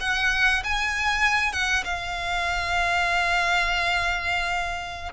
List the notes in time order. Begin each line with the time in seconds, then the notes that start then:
0.00 F#5
0.64 G#5
1.52 F#5
1.84 F5